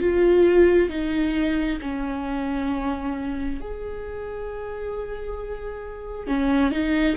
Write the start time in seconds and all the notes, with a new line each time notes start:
0.00 F4
0.89 D#4
1.82 C#4
3.61 G#4
6.27 C#4
6.71 D#4